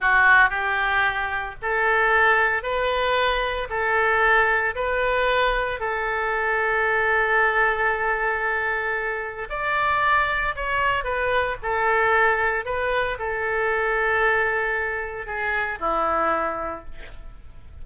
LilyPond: \new Staff \with { instrumentName = "oboe" } { \time 4/4 \tempo 4 = 114 fis'4 g'2 a'4~ | a'4 b'2 a'4~ | a'4 b'2 a'4~ | a'1~ |
a'2 d''2 | cis''4 b'4 a'2 | b'4 a'2.~ | a'4 gis'4 e'2 | }